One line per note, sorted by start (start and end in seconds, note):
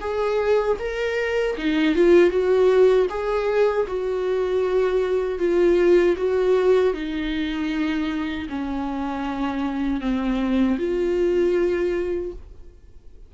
0.00 0.77 G#4
0.79 1.56 A#4
1.57 1.95 D#4
1.95 2.30 F4
2.30 3.07 F#4
3.09 3.86 G#4
3.87 5.39 F#4
5.39 6.16 F4
6.17 6.94 F#4
6.94 8.48 D#4
8.49 10.01 C#4
10.01 10.78 C4
10.78 12.32 F4